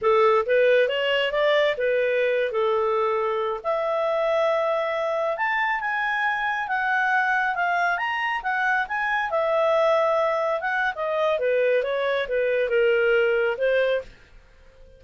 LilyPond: \new Staff \with { instrumentName = "clarinet" } { \time 4/4 \tempo 4 = 137 a'4 b'4 cis''4 d''4 | b'4.~ b'16 a'2~ a'16~ | a'16 e''2.~ e''8.~ | e''16 a''4 gis''2 fis''8.~ |
fis''4~ fis''16 f''4 ais''4 fis''8.~ | fis''16 gis''4 e''2~ e''8.~ | e''16 fis''8. dis''4 b'4 cis''4 | b'4 ais'2 c''4 | }